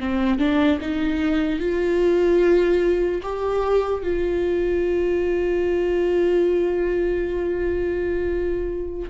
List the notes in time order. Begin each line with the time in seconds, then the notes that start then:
0.00 C4
0.39 D4
0.81 D#4
1.60 F4
3.23 G4
4.03 F4